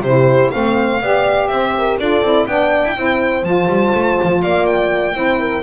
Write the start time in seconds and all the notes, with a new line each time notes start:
0.00 C3 E4 G4 C5
0.51 A3 C4 C5 F5
1.01 B3 G4 D5
1.47 C4 C5 E5
1.77 A#4
1.99 D4 F4 A4 D5
2.21 C4 E4
2.46 B3 D4 D5 G5
2.84 E4
2.96 C4 E4 C5
3.43 F3 F4 A5
3.68 G3
3.94 A3
4.23 F3
4.41 A#3 D5 F5
4.66 G5
5.13 C4 E4 C5
5.39 A#4